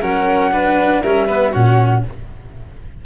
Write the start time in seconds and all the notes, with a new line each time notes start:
0.00 F#3 C#4 A#4 F#5
0.51 D4 B4
1.01 G3 C#4 A#4 E5
1.26 B3 B4
1.51 A#2 C#4 F#4 F#5